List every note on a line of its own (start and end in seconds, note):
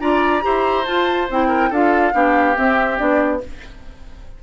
0.00 0.43 D4
0.00 0.42 F4
0.00 0.44 D5
0.00 0.85 A#5
0.42 0.87 E4
0.42 0.84 G4
0.42 1.48 C5
0.86 1.28 F4
0.86 1.29 F4
0.86 1.28 A5
1.30 1.71 C4
1.30 1.73 E4
1.30 1.73 G5
1.48 1.69 A#4
1.70 2.13 D4
1.70 2.13 F4
1.70 2.13 A4
1.70 2.57 F5
2.13 2.56 B3
2.13 2.55 D4
2.13 3.42 G4
2.55 2.97 C4
2.55 3.00 C4
2.55 2.98 E5
2.97 3.43 B3
2.97 3.40 D4
2.97 3.41 D5